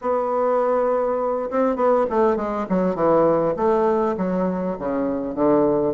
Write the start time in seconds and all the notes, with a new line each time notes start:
0.01 B3
1.50 C4
1.76 B3
2.10 A3
2.36 G#3
2.69 F#3
2.95 E3
3.56 A3
4.17 F#3
4.78 C#3
5.34 D3